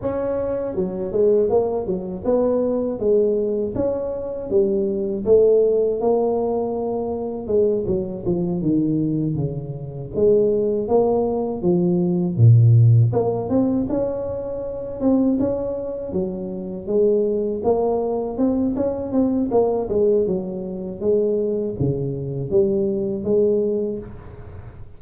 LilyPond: \new Staff \with { instrumentName = "tuba" } { \time 4/4 \tempo 4 = 80 cis'4 fis8 gis8 ais8 fis8 b4 | gis4 cis'4 g4 a4 | ais2 gis8 fis8 f8 dis8~ | dis8 cis4 gis4 ais4 f8~ |
f8 ais,4 ais8 c'8 cis'4. | c'8 cis'4 fis4 gis4 ais8~ | ais8 c'8 cis'8 c'8 ais8 gis8 fis4 | gis4 cis4 g4 gis4 | }